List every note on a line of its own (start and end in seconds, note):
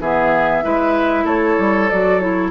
0.00 0.63 E3
0.00 0.63 B3
0.00 0.64 G#4
0.00 1.27 E5
0.63 1.24 G#3
0.63 1.89 E4
0.63 1.24 B4
1.24 1.56 A3
1.24 2.51 A4
1.24 1.90 C#5
1.59 1.90 G3
1.90 2.51 F#3
1.90 2.21 F#4
1.90 2.20 D5
2.20 2.51 E4
2.20 2.51 C#5